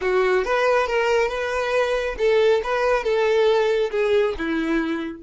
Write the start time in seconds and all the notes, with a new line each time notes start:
0.01 F#4
0.45 B4
0.87 A#4
1.28 B4
2.18 A4
2.63 B4
3.03 A4
3.90 G#4
4.38 E4